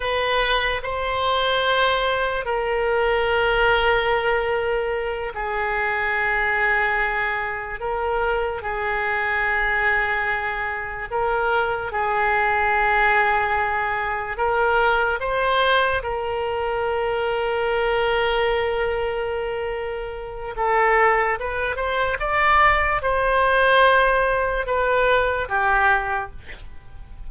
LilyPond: \new Staff \with { instrumentName = "oboe" } { \time 4/4 \tempo 4 = 73 b'4 c''2 ais'4~ | ais'2~ ais'8 gis'4.~ | gis'4. ais'4 gis'4.~ | gis'4. ais'4 gis'4.~ |
gis'4. ais'4 c''4 ais'8~ | ais'1~ | ais'4 a'4 b'8 c''8 d''4 | c''2 b'4 g'4 | }